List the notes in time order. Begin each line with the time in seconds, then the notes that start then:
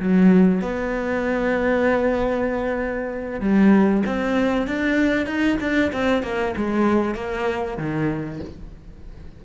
0.00 F#3
0.62 B3
3.41 G3
4.06 C4
4.67 D4
5.27 D#4
5.61 D4
5.93 C4
6.23 A#3
6.57 G#3
7.15 A#3
7.78 D#3